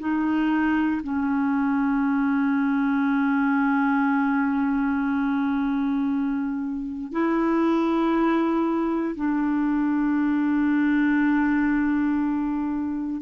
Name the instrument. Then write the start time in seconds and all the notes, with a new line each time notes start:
clarinet
0.00 D#4
1.04 C#4
7.12 E4
9.16 D4